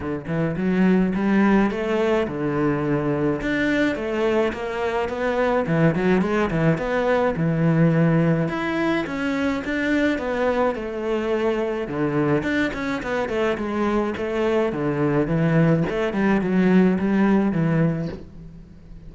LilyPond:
\new Staff \with { instrumentName = "cello" } { \time 4/4 \tempo 4 = 106 d8 e8 fis4 g4 a4 | d2 d'4 a4 | ais4 b4 e8 fis8 gis8 e8 | b4 e2 e'4 |
cis'4 d'4 b4 a4~ | a4 d4 d'8 cis'8 b8 a8 | gis4 a4 d4 e4 | a8 g8 fis4 g4 e4 | }